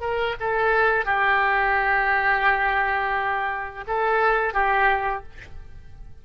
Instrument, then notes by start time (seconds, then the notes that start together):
oboe
0.00 A#4
0.40 A4
1.05 G4
3.87 A4
4.53 G4